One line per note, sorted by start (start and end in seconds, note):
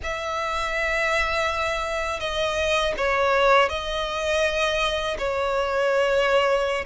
0.03 2.20 E5
2.20 2.94 D#5
2.97 3.69 C#5
3.69 5.17 D#5
5.18 6.85 C#5